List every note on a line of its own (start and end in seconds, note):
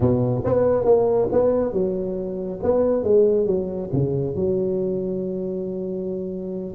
0.00 0.43 B2
0.44 0.84 B3
0.84 1.28 A#3
1.32 1.72 B3
1.72 2.59 F#3
2.62 3.03 B3
3.03 3.46 G#3
3.46 3.90 F#3
3.92 4.35 C#3
4.35 6.75 F#3